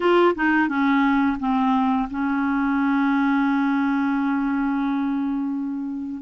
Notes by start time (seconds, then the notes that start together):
0.00 F4
0.34 D#4
0.68 C#4
1.39 C4
2.10 C#4